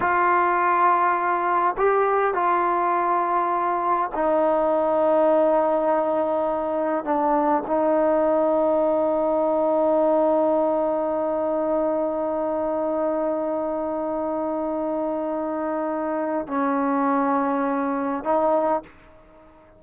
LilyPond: \new Staff \with { instrumentName = "trombone" } { \time 4/4 \tempo 4 = 102 f'2. g'4 | f'2. dis'4~ | dis'1 | d'4 dis'2.~ |
dis'1~ | dis'1~ | dis'1 | cis'2. dis'4 | }